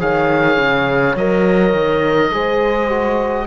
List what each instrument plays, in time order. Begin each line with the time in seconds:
0.00 cello D#3, trombone G#4, horn C#5, oboe F5
0.58 cello C#3
1.16 cello F#3, trombone A#4, oboe D#5
1.74 cello D#3
2.33 cello G#3, trombone G#4, horn C5
2.90 trombone F#4